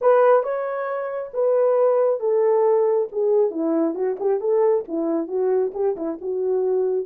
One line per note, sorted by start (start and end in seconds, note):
0.01 0.43 B4
0.43 1.31 C#5
1.33 2.20 B4
2.20 3.08 A4
3.11 3.51 G#4
3.51 3.94 E4
3.94 4.17 F#4
4.19 4.40 G4
4.40 4.84 A4
4.87 5.27 E4
5.27 5.72 F#4
5.74 5.96 G4
5.96 6.18 E4
6.21 7.06 F#4